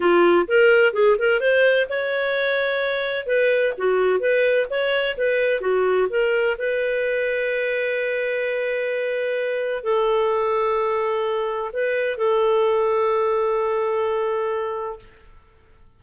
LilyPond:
\new Staff \with { instrumentName = "clarinet" } { \time 4/4 \tempo 4 = 128 f'4 ais'4 gis'8 ais'8 c''4 | cis''2. b'4 | fis'4 b'4 cis''4 b'4 | fis'4 ais'4 b'2~ |
b'1~ | b'4 a'2.~ | a'4 b'4 a'2~ | a'1 | }